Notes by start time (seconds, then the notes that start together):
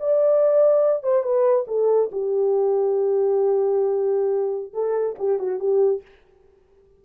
0.00 D5
1.03 C5
1.23 B4
1.68 A4
2.12 G4
4.73 A4
5.19 G4
5.39 F#4
5.60 G4